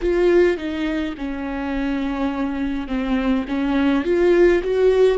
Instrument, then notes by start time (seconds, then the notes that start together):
viola
0.01 F4
0.57 D#4
1.17 C#4
2.87 C4
3.48 C#4
4.04 F4
4.63 F#4